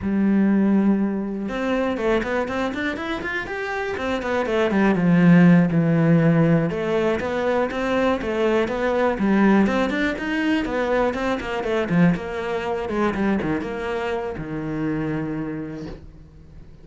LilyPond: \new Staff \with { instrumentName = "cello" } { \time 4/4 \tempo 4 = 121 g2. c'4 | a8 b8 c'8 d'8 e'8 f'8 g'4 | c'8 b8 a8 g8 f4. e8~ | e4. a4 b4 c'8~ |
c'8 a4 b4 g4 c'8 | d'8 dis'4 b4 c'8 ais8 a8 | f8 ais4. gis8 g8 dis8 ais8~ | ais4 dis2. | }